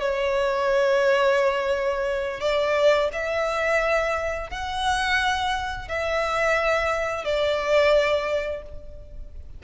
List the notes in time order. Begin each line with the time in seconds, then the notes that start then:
0.00 C#5
2.40 D5
3.13 E5
4.50 F#5
5.88 E5
7.24 D5